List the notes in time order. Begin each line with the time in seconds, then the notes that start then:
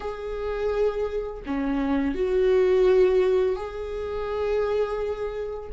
0.00 G#4
1.45 C#4
2.14 F#4
3.56 G#4